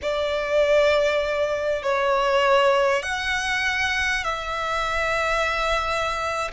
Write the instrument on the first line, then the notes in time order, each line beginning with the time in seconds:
violin
0.02 D5
1.82 C#5
3.02 F#5
4.23 E5